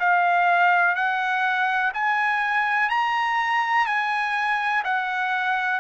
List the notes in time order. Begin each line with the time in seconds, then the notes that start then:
0.00 F5
0.95 F#5
1.94 G#5
2.89 A#5
3.86 G#5
4.84 F#5